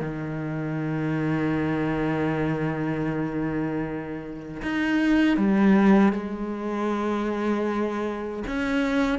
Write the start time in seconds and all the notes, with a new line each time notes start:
0.00 D#3
4.62 D#4
5.37 G3
6.13 G#3
8.47 C#4